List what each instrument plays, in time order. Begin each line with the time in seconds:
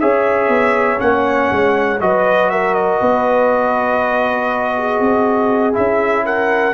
0.00 tuba C#4, trombone G#4, horn C#5, trumpet E5
0.48 tuba B3
0.97 tuba A#3, trombone C#4, trumpet F#5
1.51 tuba G#3
2.00 tuba F#3, trombone F#4, horn B4, trumpet D#5
2.50 horn A#4, trumpet E5
2.74 trumpet D#5
3.00 tuba B3, horn B4
4.77 horn G#4
5.00 tuba C4
5.73 tuba C#4, trombone E4, trumpet E5
6.25 horn A#4, trumpet F#5